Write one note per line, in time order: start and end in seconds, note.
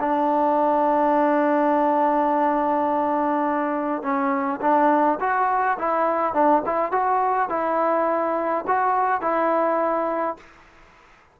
0.00 4.02 D4
4.02 4.60 C#4
4.61 5.19 D4
5.20 5.78 F#4
5.78 6.34 E4
6.34 6.62 D4
6.66 6.92 E4
6.92 7.49 F#4
7.49 8.65 E4
8.67 9.21 F#4
9.21 10.37 E4